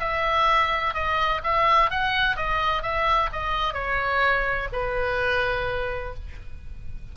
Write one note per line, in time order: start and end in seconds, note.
0.00 0.94 E5
0.94 1.42 D#5
1.44 1.91 E5
1.91 2.37 F#5
2.37 2.83 D#5
2.83 3.30 E5
3.32 3.74 D#5
3.74 4.68 C#5
4.73 6.14 B4